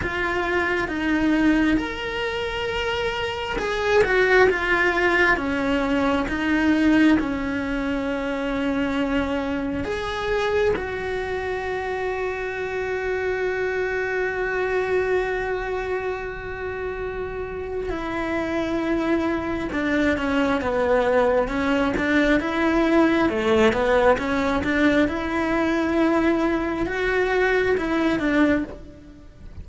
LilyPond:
\new Staff \with { instrumentName = "cello" } { \time 4/4 \tempo 4 = 67 f'4 dis'4 ais'2 | gis'8 fis'8 f'4 cis'4 dis'4 | cis'2. gis'4 | fis'1~ |
fis'1 | e'2 d'8 cis'8 b4 | cis'8 d'8 e'4 a8 b8 cis'8 d'8 | e'2 fis'4 e'8 d'8 | }